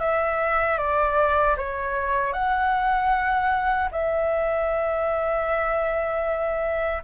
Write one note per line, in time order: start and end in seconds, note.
0.00 0.78 E5
0.78 1.56 D5
1.57 2.33 C#5
2.33 3.89 F#5
3.91 7.03 E5